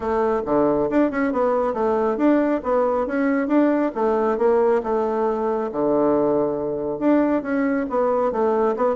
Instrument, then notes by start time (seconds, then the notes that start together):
bassoon
0.00 A3
0.45 D3
0.90 D4
1.11 C#4
1.32 B3
1.73 A3
2.17 D4
2.63 B3
3.07 C#4
3.47 D4
3.95 A3
4.38 A#3
4.83 A3
5.72 D3
6.99 D4
7.42 C#4
7.89 B3
8.32 A3
8.76 B3